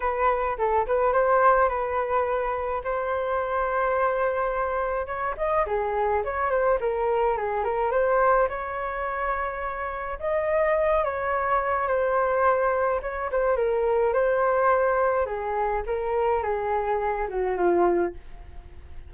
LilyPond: \new Staff \with { instrumentName = "flute" } { \time 4/4 \tempo 4 = 106 b'4 a'8 b'8 c''4 b'4~ | b'4 c''2.~ | c''4 cis''8 dis''8 gis'4 cis''8 c''8 | ais'4 gis'8 ais'8 c''4 cis''4~ |
cis''2 dis''4. cis''8~ | cis''4 c''2 cis''8 c''8 | ais'4 c''2 gis'4 | ais'4 gis'4. fis'8 f'4 | }